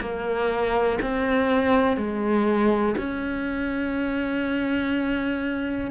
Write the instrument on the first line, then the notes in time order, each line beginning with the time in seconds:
cello
0.00 A#3
1.01 C4
1.97 G#3
2.97 C#4